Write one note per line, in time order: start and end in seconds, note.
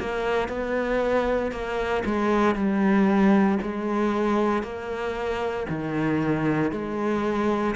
0.00 0.49 A#3
0.49 1.52 B3
1.52 2.04 A#3
2.05 2.55 G#3
2.55 3.59 G3
3.63 4.63 G#3
4.63 5.67 A#3
5.69 6.72 D#3
6.72 7.75 G#3